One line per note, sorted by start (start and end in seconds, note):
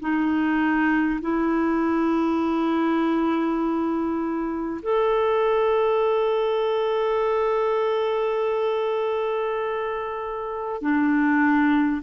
0.00 1.20 D#4
1.21 4.81 E4
4.82 10.81 A4
10.81 12.01 D4